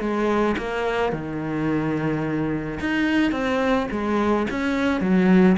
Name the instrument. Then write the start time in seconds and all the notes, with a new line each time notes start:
cello
0.00 G#3
0.58 A#3
1.12 D#3
2.80 D#4
3.31 C4
3.91 G#3
4.50 C#4
5.01 F#3